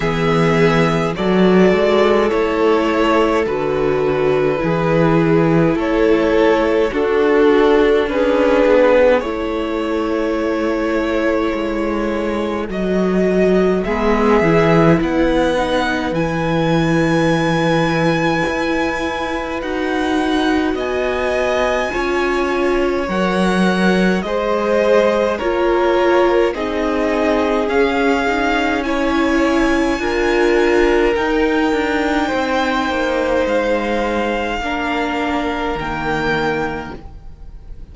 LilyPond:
<<
  \new Staff \with { instrumentName = "violin" } { \time 4/4 \tempo 4 = 52 e''4 d''4 cis''4 b'4~ | b'4 cis''4 a'4 b'4 | cis''2. dis''4 | e''4 fis''4 gis''2~ |
gis''4 fis''4 gis''2 | fis''4 dis''4 cis''4 dis''4 | f''4 gis''2 g''4~ | g''4 f''2 g''4 | }
  \new Staff \with { instrumentName = "violin" } { \time 4/4 gis'4 a'2. | gis'4 a'4 fis'4 gis'4 | a'1 | gis'4 b'2.~ |
b'2 dis''4 cis''4~ | cis''4 c''4 ais'4 gis'4~ | gis'4 cis''4 ais'2 | c''2 ais'2 | }
  \new Staff \with { instrumentName = "viola" } { \time 4/4 b4 fis'4 e'4 fis'4 | e'2 d'2 | e'2. fis'4 | b8 e'4 dis'8 e'2~ |
e'4 fis'2 f'4 | ais'4 gis'4 f'4 dis'4 | cis'8 dis'8 e'4 f'4 dis'4~ | dis'2 d'4 ais4 | }
  \new Staff \with { instrumentName = "cello" } { \time 4/4 e4 fis8 gis8 a4 d4 | e4 a4 d'4 cis'8 b8 | a2 gis4 fis4 | gis8 e8 b4 e2 |
e'4 dis'4 b4 cis'4 | fis4 gis4 ais4 c'4 | cis'2 d'4 dis'8 d'8 | c'8 ais8 gis4 ais4 dis4 | }
>>